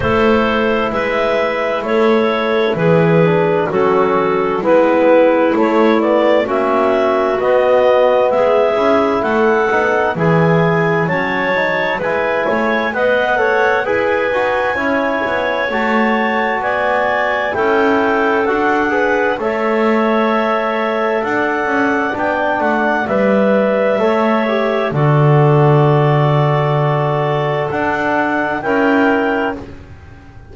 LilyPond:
<<
  \new Staff \with { instrumentName = "clarinet" } { \time 4/4 \tempo 4 = 65 c''4 e''4 cis''4 b'4 | a'4 b'4 cis''8 d''8 e''4 | dis''4 e''4 fis''4 gis''4 | a''4 gis''4 fis''4 gis''4~ |
gis''4 a''4 gis''4 g''4 | fis''4 e''2 fis''4 | g''8 fis''8 e''2 d''4~ | d''2 fis''4 g''4 | }
  \new Staff \with { instrumentName = "clarinet" } { \time 4/4 a'4 b'4 a'4 gis'4 | fis'4 e'2 fis'4~ | fis'4 gis'4 a'4 gis'4 | cis''4 b'8 cis''8 dis''8 cis''8 b'4 |
cis''2 d''4 a'4~ | a'8 b'8 cis''2 d''4~ | d''2 cis''4 a'4~ | a'2. ais'4 | }
  \new Staff \with { instrumentName = "trombone" } { \time 4/4 e'2.~ e'8 d'8 | cis'4 b4 a8 b8 cis'4 | b4. e'4 dis'8 e'4 | cis'8 dis'8 e'4 b'8 a'8 gis'8 fis'8 |
e'4 fis'2 e'4 | fis'8 gis'8 a'2. | d'4 b'4 a'8 g'8 fis'4~ | fis'2 d'4 e'4 | }
  \new Staff \with { instrumentName = "double bass" } { \time 4/4 a4 gis4 a4 e4 | fis4 gis4 a4 ais4 | b4 gis8 cis'8 a8 b8 e4 | fis4 gis8 a8 b4 e'8 dis'8 |
cis'8 b8 a4 b4 cis'4 | d'4 a2 d'8 cis'8 | b8 a8 g4 a4 d4~ | d2 d'4 cis'4 | }
>>